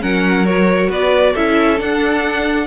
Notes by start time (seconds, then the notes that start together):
0.00 F#3 C#4 A#4 F#5
0.45 F#4 C#5
0.89 B3 B4 D5
1.33 C#4 E4 A4 E5
1.77 D4 F#5